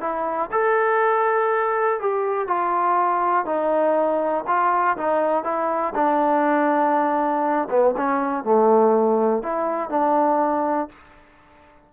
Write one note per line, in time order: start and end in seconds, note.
0.00 0.50 E4
0.51 2.00 A4
2.00 2.47 G4
2.47 3.45 F4
3.45 4.44 D#4
4.47 4.96 F4
4.97 5.44 D#4
5.44 5.93 E4
5.95 7.68 D4
7.70 7.95 B3
7.97 8.44 C#4
8.44 9.43 A3
9.43 9.89 E4
9.89 10.88 D4